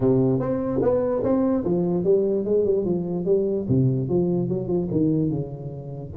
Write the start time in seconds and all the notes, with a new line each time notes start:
0.00 C3
0.39 C4
0.82 B3
1.23 C4
1.64 F3
2.04 G3
2.44 G#3
2.64 G3
2.84 F3
3.25 G3
3.68 C3
4.08 F3
4.48 F#3
4.67 F3
4.91 D#3
5.30 C#3